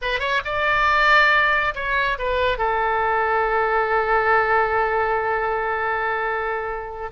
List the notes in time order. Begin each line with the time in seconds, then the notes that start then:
0.01 B4
0.19 C#5
0.45 D5
1.74 C#5
2.18 B4
2.58 A4